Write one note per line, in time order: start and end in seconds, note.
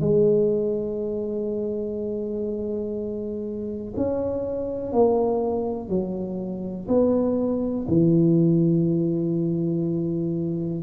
0.00 3.93 G#3
3.96 4.92 C#4
4.92 5.88 A#3
5.88 6.87 F#3
6.88 7.86 B3
7.88 10.83 E3